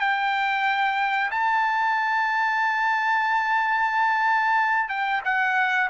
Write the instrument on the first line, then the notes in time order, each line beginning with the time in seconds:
trumpet
0.00 G5
1.31 A5
4.89 G5
5.25 F#5